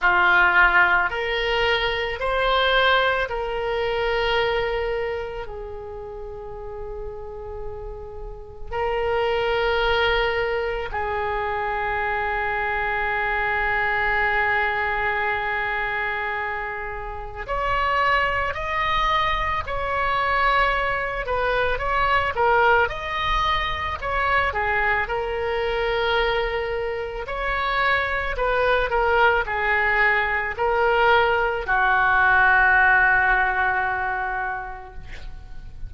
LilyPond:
\new Staff \with { instrumentName = "oboe" } { \time 4/4 \tempo 4 = 55 f'4 ais'4 c''4 ais'4~ | ais'4 gis'2. | ais'2 gis'2~ | gis'1 |
cis''4 dis''4 cis''4. b'8 | cis''8 ais'8 dis''4 cis''8 gis'8 ais'4~ | ais'4 cis''4 b'8 ais'8 gis'4 | ais'4 fis'2. | }